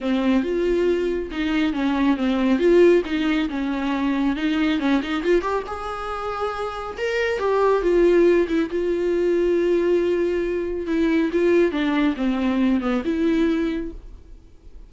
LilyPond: \new Staff \with { instrumentName = "viola" } { \time 4/4 \tempo 4 = 138 c'4 f'2 dis'4 | cis'4 c'4 f'4 dis'4 | cis'2 dis'4 cis'8 dis'8 | f'8 g'8 gis'2. |
ais'4 g'4 f'4. e'8 | f'1~ | f'4 e'4 f'4 d'4 | c'4. b8 e'2 | }